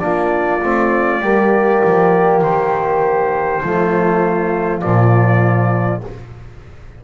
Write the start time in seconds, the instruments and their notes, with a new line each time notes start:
0.00 double bass A#3, trombone D4, flute F4, trumpet D5
0.63 double bass A3, trombone C4
1.21 double bass G3, trombone A#3, flute G4
1.85 double bass F3
2.42 double bass D#3, trumpet C5
3.63 double bass F3, trombone A3, flute F4
4.81 double bass A#2, trombone F3, trumpet D5